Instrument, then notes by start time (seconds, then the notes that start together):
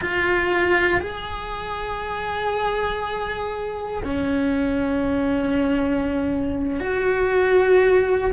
cello
0.01 F4
1.00 G#4
4.04 C#4
6.80 F#4